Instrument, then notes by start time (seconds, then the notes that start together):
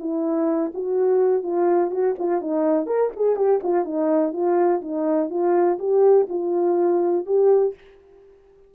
horn
0.00 E4
0.74 F#4
1.43 F4
1.91 F#4
2.19 F4
2.41 D#4
2.87 A#4
3.16 G#4
3.37 G4
3.64 F4
3.85 D#4
4.33 F4
4.82 D#4
5.30 F4
5.79 G4
6.30 F4
7.26 G4